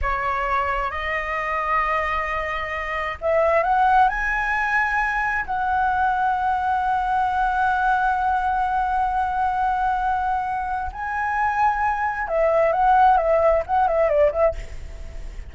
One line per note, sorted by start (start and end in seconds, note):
0.01 0.90 C#5
0.90 3.18 D#5
3.21 3.63 E5
3.63 4.08 F#5
4.08 5.45 G#5
5.45 10.91 F#5
10.92 12.27 G#5
12.27 12.72 E5
12.72 13.17 F#5
13.17 13.62 E5
13.66 13.87 F#5
13.87 14.09 E5
14.09 14.31 D5
14.32 14.54 E5